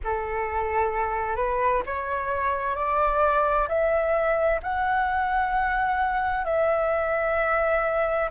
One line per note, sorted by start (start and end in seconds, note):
0.04 1.36 A4
1.36 1.82 B4
1.85 2.75 C#5
2.75 3.68 D5
3.68 4.60 E5
4.62 6.44 F#5
6.44 8.29 E5